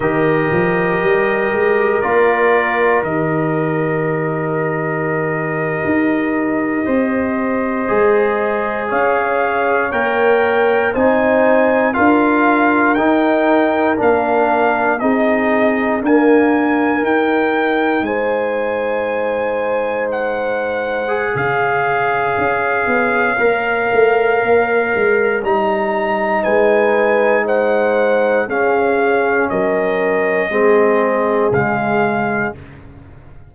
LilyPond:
<<
  \new Staff \with { instrumentName = "trumpet" } { \time 4/4 \tempo 4 = 59 dis''2 d''4 dis''4~ | dis''1~ | dis''8. f''4 g''4 gis''4 f''16~ | f''8. g''4 f''4 dis''4 gis''16~ |
gis''8. g''4 gis''2 fis''16~ | fis''4 f''2.~ | f''4 ais''4 gis''4 fis''4 | f''4 dis''2 f''4 | }
  \new Staff \with { instrumentName = "horn" } { \time 4/4 ais'1~ | ais'2~ ais'8. c''4~ c''16~ | c''8. cis''2 c''4 ais'16~ | ais'2~ ais'8. gis'4 ais'16~ |
ais'4.~ ais'16 c''2~ c''16~ | c''4 cis''2.~ | cis''2 b'4 c''4 | gis'4 ais'4 gis'2 | }
  \new Staff \with { instrumentName = "trombone" } { \time 4/4 g'2 f'4 g'4~ | g'2.~ g'8. gis'16~ | gis'4.~ gis'16 ais'4 dis'4 f'16~ | f'8. dis'4 d'4 dis'4 ais16~ |
ais8. dis'2.~ dis'16~ | dis'8. gis'2~ gis'16 ais'4~ | ais'4 dis'2. | cis'2 c'4 gis4 | }
  \new Staff \with { instrumentName = "tuba" } { \time 4/4 dis8 f8 g8 gis8 ais4 dis4~ | dis4.~ dis16 dis'4 c'4 gis16~ | gis8. cis'4 ais4 c'4 d'16~ | d'8. dis'4 ais4 c'4 d'16~ |
d'8. dis'4 gis2~ gis16~ | gis4 cis4 cis'8 b8 ais8 a8 | ais8 gis8 g4 gis2 | cis'4 fis4 gis4 cis4 | }
>>